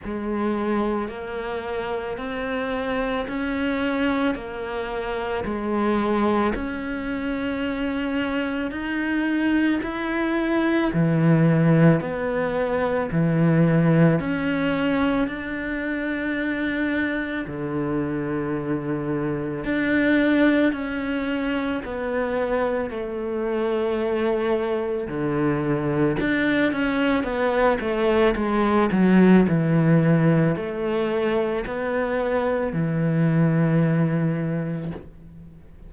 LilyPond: \new Staff \with { instrumentName = "cello" } { \time 4/4 \tempo 4 = 55 gis4 ais4 c'4 cis'4 | ais4 gis4 cis'2 | dis'4 e'4 e4 b4 | e4 cis'4 d'2 |
d2 d'4 cis'4 | b4 a2 d4 | d'8 cis'8 b8 a8 gis8 fis8 e4 | a4 b4 e2 | }